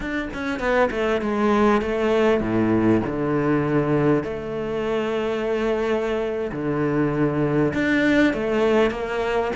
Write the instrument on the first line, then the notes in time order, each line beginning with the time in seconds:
cello
0.00 D4
0.33 C#4
0.59 B3
0.90 A3
1.21 G#3
1.81 A3
2.40 A2
3.06 D3
4.23 A3
6.52 D3
7.73 D4
8.33 A3
8.90 A#3